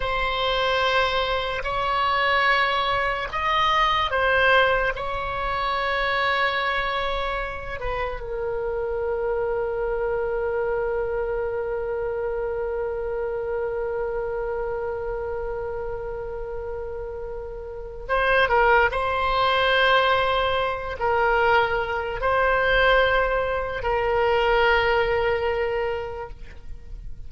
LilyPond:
\new Staff \with { instrumentName = "oboe" } { \time 4/4 \tempo 4 = 73 c''2 cis''2 | dis''4 c''4 cis''2~ | cis''4. b'8 ais'2~ | ais'1~ |
ais'1~ | ais'2 c''8 ais'8 c''4~ | c''4. ais'4. c''4~ | c''4 ais'2. | }